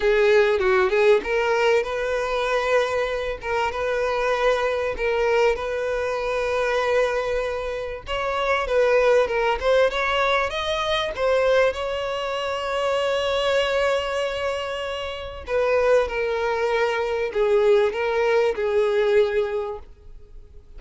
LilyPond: \new Staff \with { instrumentName = "violin" } { \time 4/4 \tempo 4 = 97 gis'4 fis'8 gis'8 ais'4 b'4~ | b'4. ais'8 b'2 | ais'4 b'2.~ | b'4 cis''4 b'4 ais'8 c''8 |
cis''4 dis''4 c''4 cis''4~ | cis''1~ | cis''4 b'4 ais'2 | gis'4 ais'4 gis'2 | }